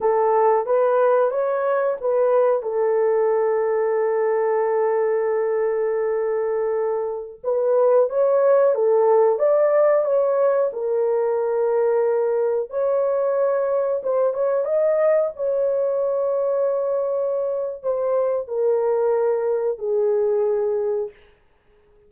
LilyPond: \new Staff \with { instrumentName = "horn" } { \time 4/4 \tempo 4 = 91 a'4 b'4 cis''4 b'4 | a'1~ | a'2.~ a'16 b'8.~ | b'16 cis''4 a'4 d''4 cis''8.~ |
cis''16 ais'2. cis''8.~ | cis''4~ cis''16 c''8 cis''8 dis''4 cis''8.~ | cis''2. c''4 | ais'2 gis'2 | }